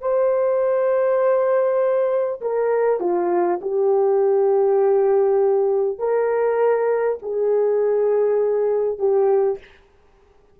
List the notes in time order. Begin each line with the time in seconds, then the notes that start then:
0.00 C5
2.41 A#4
2.99 F4
3.61 G4
5.98 A#4
7.22 G#4
8.98 G4